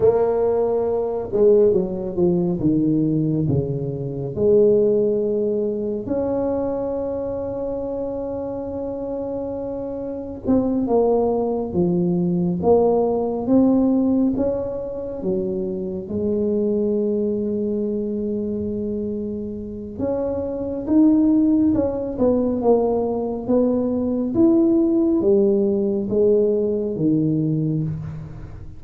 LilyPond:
\new Staff \with { instrumentName = "tuba" } { \time 4/4 \tempo 4 = 69 ais4. gis8 fis8 f8 dis4 | cis4 gis2 cis'4~ | cis'1 | c'8 ais4 f4 ais4 c'8~ |
c'8 cis'4 fis4 gis4.~ | gis2. cis'4 | dis'4 cis'8 b8 ais4 b4 | e'4 g4 gis4 dis4 | }